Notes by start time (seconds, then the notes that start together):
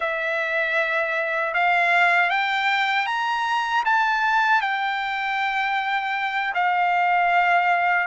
0.00 E5
1.54 F5
2.29 G5
3.06 A#5
3.85 A5
4.61 G5
6.54 F5